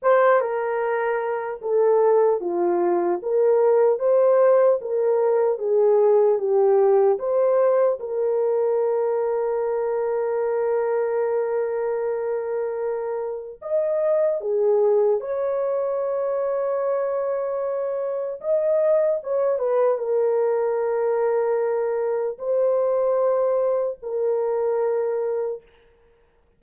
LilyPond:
\new Staff \with { instrumentName = "horn" } { \time 4/4 \tempo 4 = 75 c''8 ais'4. a'4 f'4 | ais'4 c''4 ais'4 gis'4 | g'4 c''4 ais'2~ | ais'1~ |
ais'4 dis''4 gis'4 cis''4~ | cis''2. dis''4 | cis''8 b'8 ais'2. | c''2 ais'2 | }